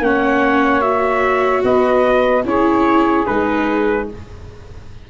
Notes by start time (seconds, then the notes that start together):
0.00 A#3 C#4 C#5 F#5
0.82 F#4 E5
1.64 B3 B4 D#5
2.45 C#4 E4 G#4 C#5
3.27 G#3 D#4 B4